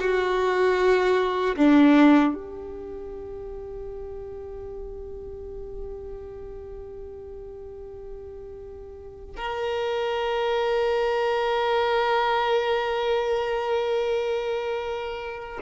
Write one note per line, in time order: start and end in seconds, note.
0.00 1.56 F#4
1.56 2.34 D4
2.34 9.36 G4
9.36 15.60 A#4